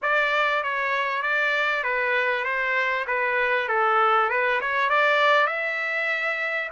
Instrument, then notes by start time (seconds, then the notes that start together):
trumpet
0.01 D5
0.63 C#5
1.22 D5
1.83 B4
2.44 C5
3.07 B4
3.68 A4
4.29 B4
4.60 C#5
4.89 D5
5.47 E5